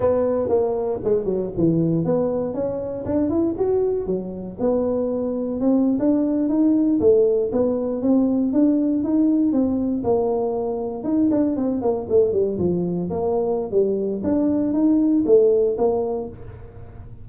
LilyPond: \new Staff \with { instrumentName = "tuba" } { \time 4/4 \tempo 4 = 118 b4 ais4 gis8 fis8 e4 | b4 cis'4 d'8 e'8 fis'4 | fis4 b2 c'8. d'16~ | d'8. dis'4 a4 b4 c'16~ |
c'8. d'4 dis'4 c'4 ais16~ | ais4.~ ais16 dis'8 d'8 c'8 ais8 a16~ | a16 g8 f4 ais4~ ais16 g4 | d'4 dis'4 a4 ais4 | }